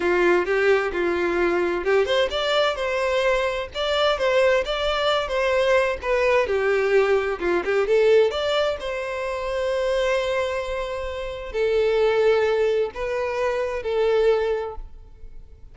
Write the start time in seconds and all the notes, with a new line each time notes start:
0.00 F4
0.45 G4
0.92 F4
1.84 G4
2.05 C5
2.30 D5
2.75 C5
3.74 D5
4.17 C5
4.65 D5
5.28 C5
6.02 B4
6.46 G4
7.40 F4
7.64 G4
7.87 A4
8.31 D5
8.79 C5
11.52 A4
12.94 B4
13.83 A4